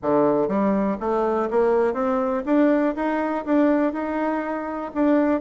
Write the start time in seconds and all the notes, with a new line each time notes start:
0.02 D3
0.48 G3
1.00 A3
1.50 A#3
1.93 C4
2.45 D4
2.95 D#4
3.45 D4
3.92 D#4
4.94 D4